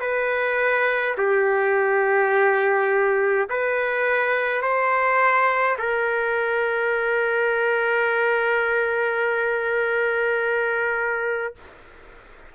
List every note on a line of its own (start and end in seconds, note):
0.00 1.15 B4
1.17 3.48 G4
3.49 4.62 B4
4.62 5.77 C5
5.78 11.55 A#4